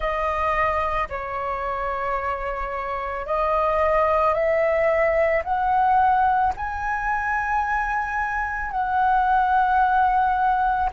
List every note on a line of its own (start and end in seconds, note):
0.00 1.08 D#5
1.09 3.26 C#5
3.26 4.33 D#5
4.33 5.42 E5
5.43 6.53 F#5
6.56 8.71 G#5
8.71 10.89 F#5